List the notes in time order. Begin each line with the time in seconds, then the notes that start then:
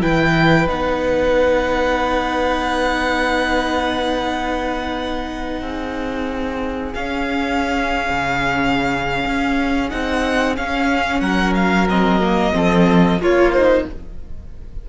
0.00 E3 E4 B4 G5
0.66 B3 D#4 F#5
5.61 C4 G#4
6.93 C#4 F5
8.10 C#3
9.25 C#4
9.89 C4 D#4 F#5
10.55 C#4 F5
11.20 F#3 A#4 F#5
11.54 F5
11.89 C4 D#5
12.20 A#3
12.52 F3 C4 A4
13.18 A#3 F4 C#5
13.51 D#4 C5